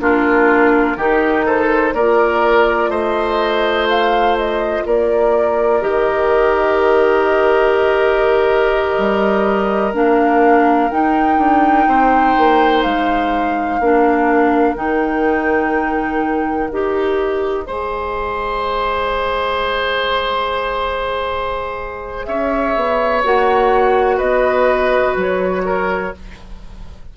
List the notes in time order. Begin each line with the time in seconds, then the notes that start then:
0.00 A#3 D4 F4 A#4
0.97 D#3 D#4 G4
1.46 A4 C5
1.93 A#3 F4 A#4 D5
2.89 A3 C5 D#5
3.89 F5
4.38 D#5
4.86 A#3 A#4 D5
5.82 D#3 G4 D#5
8.98 G3
9.94 A#3 D4 F5
10.91 D#4 G5
11.38 D4
11.87 C4 C5
12.38 A#3
12.83 G#3 F5
13.80 A#3 D4 A#4
14.76 D#3 D#4 G5
16.70 D#4 G4 D#5
17.65 G#3 G#4 C5
22.25 C#4 C#5 E5
22.76 B3
23.24 A#3 F#4 F#5
24.18 B3 B4 D#5
25.16 F#3 C#5
25.66 A#4